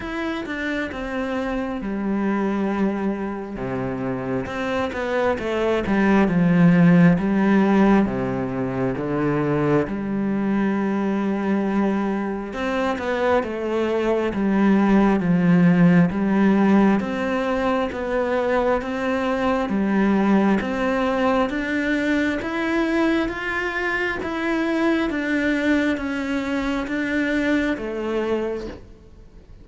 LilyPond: \new Staff \with { instrumentName = "cello" } { \time 4/4 \tempo 4 = 67 e'8 d'8 c'4 g2 | c4 c'8 b8 a8 g8 f4 | g4 c4 d4 g4~ | g2 c'8 b8 a4 |
g4 f4 g4 c'4 | b4 c'4 g4 c'4 | d'4 e'4 f'4 e'4 | d'4 cis'4 d'4 a4 | }